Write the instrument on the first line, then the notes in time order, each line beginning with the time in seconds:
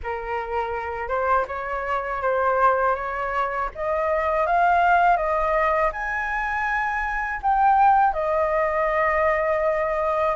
flute
0.03 A#4
1.08 C5
1.47 C#5
2.22 C5
2.95 C#5
3.75 D#5
4.46 F5
5.16 D#5
5.92 G#5
7.42 G5
8.13 D#5